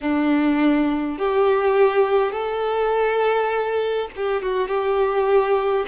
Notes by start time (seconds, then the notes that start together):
0.00 D4
1.18 G4
2.32 A4
4.16 G4
4.42 F#4
4.67 G4